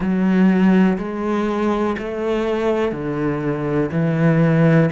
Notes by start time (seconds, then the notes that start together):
0.00 F#3
0.98 G#3
1.98 A3
2.92 D3
3.91 E3